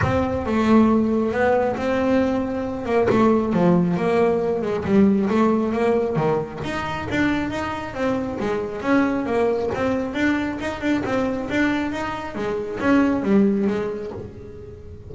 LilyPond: \new Staff \with { instrumentName = "double bass" } { \time 4/4 \tempo 4 = 136 c'4 a2 b4 | c'2~ c'8 ais8 a4 | f4 ais4. gis8 g4 | a4 ais4 dis4 dis'4 |
d'4 dis'4 c'4 gis4 | cis'4 ais4 c'4 d'4 | dis'8 d'8 c'4 d'4 dis'4 | gis4 cis'4 g4 gis4 | }